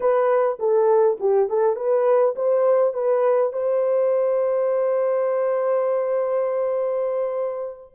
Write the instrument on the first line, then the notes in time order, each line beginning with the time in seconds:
horn
0.00 B4
0.59 A4
1.20 G4
1.49 A4
1.75 B4
2.35 C5
2.93 B4
3.52 C5